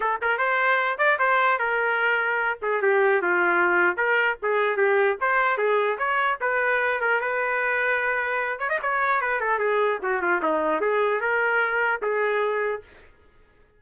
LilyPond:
\new Staff \with { instrumentName = "trumpet" } { \time 4/4 \tempo 4 = 150 a'8 ais'8 c''4. d''8 c''4 | ais'2~ ais'8 gis'8 g'4 | f'2 ais'4 gis'4 | g'4 c''4 gis'4 cis''4 |
b'4. ais'8 b'2~ | b'4. cis''16 dis''16 cis''4 b'8 a'8 | gis'4 fis'8 f'8 dis'4 gis'4 | ais'2 gis'2 | }